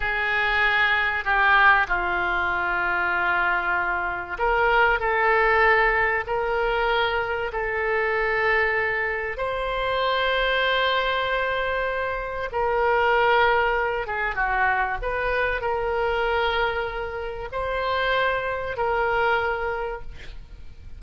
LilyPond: \new Staff \with { instrumentName = "oboe" } { \time 4/4 \tempo 4 = 96 gis'2 g'4 f'4~ | f'2. ais'4 | a'2 ais'2 | a'2. c''4~ |
c''1 | ais'2~ ais'8 gis'8 fis'4 | b'4 ais'2. | c''2 ais'2 | }